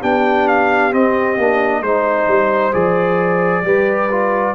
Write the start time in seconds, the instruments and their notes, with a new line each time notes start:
0.00 tuba B3, trombone D4, horn G4, trumpet G5
0.47 trumpet F5
0.91 trombone C4, tuba C4, trumpet D#5
1.37 tuba A#3, trombone D4
1.81 tuba G#3, trombone D#4, trumpet C5, horn C5
2.27 tuba G3
2.72 tuba F3, trombone G#4, trumpet D5
3.63 tuba G3, trombone G4, horn B4
4.11 trombone F4